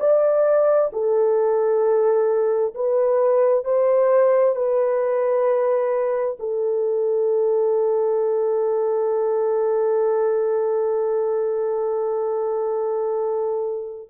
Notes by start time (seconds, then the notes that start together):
0.00 D5
0.93 A4
2.75 B4
3.65 C5
4.56 B4
6.40 A4